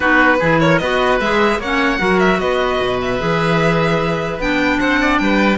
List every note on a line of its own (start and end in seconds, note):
0.00 0.40 B3
0.00 0.38 D#4
0.00 0.37 F#4
0.00 0.60 B4
0.39 0.81 E3
0.39 0.81 E4
0.39 0.59 G#4
0.60 0.80 A#4
0.60 0.78 C#5
0.78 1.20 B3
0.78 1.21 F#4
0.78 1.60 B4
0.78 1.18 D#5
1.20 1.58 G#3
1.20 1.62 G#4
1.20 1.60 E5
1.58 1.98 A#3
1.58 1.98 C#4
1.58 2.00 C#5
1.58 2.19 F#5
1.98 2.39 F#3
1.98 3.18 F#4
1.98 2.39 A#4
2.19 2.39 E5
2.39 2.79 B3
2.39 4.79 B4
2.39 2.99 D#5
2.81 3.20 B2
3.01 4.41 E5
3.18 4.39 E3
3.18 4.38 G#4
4.39 4.79 B3
4.39 5.58 D4
4.39 4.79 G5
4.79 5.20 C4
4.79 4.99 C5
4.79 5.18 F#5
5.00 5.20 D5
5.18 5.58 G3
5.18 5.58 B4
5.18 5.58 G5